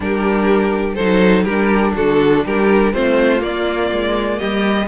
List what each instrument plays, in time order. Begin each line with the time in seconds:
0.00 cello G3, viola D4, violin G4 A#4
0.94 cello F#3, viola D#4, violin A4 C5
1.43 cello G3, viola D4, violin G4 A#4
1.95 cello D3, violin F#4 A4
2.45 cello G3, violin G4 A#4
2.93 cello A3, viola C4, violin F4 C5
3.39 viola A#3, cello A#3, violin D5
3.92 cello G#3
4.38 cello G3, violin G4 D#5